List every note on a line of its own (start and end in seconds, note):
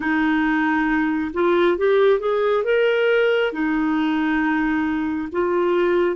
0.00 1.31 D#4
1.33 1.77 F4
1.77 2.19 G4
2.19 2.64 G#4
2.64 3.52 A#4
3.52 5.29 D#4
5.32 6.16 F4